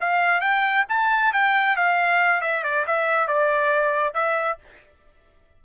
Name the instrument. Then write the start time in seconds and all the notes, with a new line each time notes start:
trumpet
0.00 F5
0.41 G5
0.89 A5
1.33 G5
1.76 F5
2.41 E5
2.64 D5
2.87 E5
3.28 D5
4.14 E5